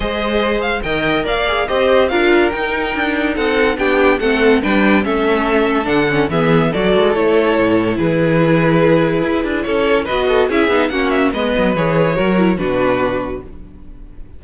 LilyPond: <<
  \new Staff \with { instrumentName = "violin" } { \time 4/4 \tempo 4 = 143 dis''4. f''8 g''4 f''4 | dis''4 f''4 g''2 | fis''4 g''4 fis''4 g''4 | e''2 fis''4 e''4 |
d''4 cis''2 b'4~ | b'2. cis''4 | dis''4 e''4 fis''8 e''8 dis''4 | cis''2 b'2 | }
  \new Staff \with { instrumentName = "violin" } { \time 4/4 c''2 dis''4 d''4 | c''4 ais'2. | a'4 g'4 a'4 b'4 | a'2. gis'4 |
a'2. gis'4~ | gis'2. a'4 | b'8 a'8 gis'4 fis'4 b'4~ | b'4 ais'4 fis'2 | }
  \new Staff \with { instrumentName = "viola" } { \time 4/4 gis'2 ais'4. gis'8 | g'4 f'4 dis'2~ | dis'4 d'4 c'4 d'4 | cis'2 d'8 cis'8 b4 |
fis'4 e'2.~ | e'1 | fis'4 e'8 dis'8 cis'4 b4 | gis'4 fis'8 e'8 d'2 | }
  \new Staff \with { instrumentName = "cello" } { \time 4/4 gis2 dis4 ais4 | c'4 d'4 dis'4 d'4 | c'4 b4 a4 g4 | a2 d4 e4 |
fis8 gis8 a4 a,4 e4~ | e2 e'8 d'8 cis'4 | b4 cis'8 b8 ais4 gis8 fis8 | e4 fis4 b,2 | }
>>